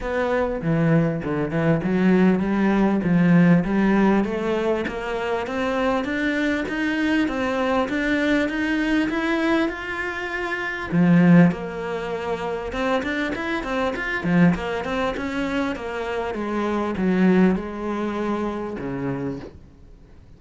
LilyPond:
\new Staff \with { instrumentName = "cello" } { \time 4/4 \tempo 4 = 99 b4 e4 d8 e8 fis4 | g4 f4 g4 a4 | ais4 c'4 d'4 dis'4 | c'4 d'4 dis'4 e'4 |
f'2 f4 ais4~ | ais4 c'8 d'8 e'8 c'8 f'8 f8 | ais8 c'8 cis'4 ais4 gis4 | fis4 gis2 cis4 | }